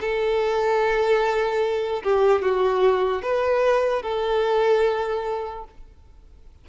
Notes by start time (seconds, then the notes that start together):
0.00 A4
2.03 G4
2.42 F#4
3.22 B4
4.02 A4